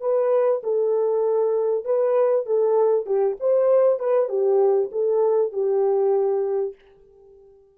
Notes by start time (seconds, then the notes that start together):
0.00 B4
0.63 A4
1.84 B4
2.45 A4
3.06 G4
3.40 C5
3.99 B4
4.29 G4
4.91 A4
5.52 G4